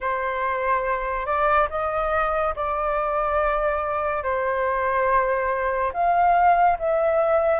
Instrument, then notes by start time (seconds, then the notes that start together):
flute
0.00 C5
1.26 D5
1.69 D#5
2.55 D5
4.23 C5
5.93 F5
6.78 E5